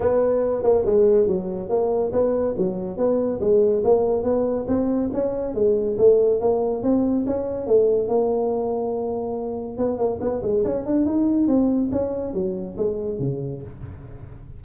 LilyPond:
\new Staff \with { instrumentName = "tuba" } { \time 4/4 \tempo 4 = 141 b4. ais8 gis4 fis4 | ais4 b4 fis4 b4 | gis4 ais4 b4 c'4 | cis'4 gis4 a4 ais4 |
c'4 cis'4 a4 ais4~ | ais2. b8 ais8 | b8 gis8 cis'8 d'8 dis'4 c'4 | cis'4 fis4 gis4 cis4 | }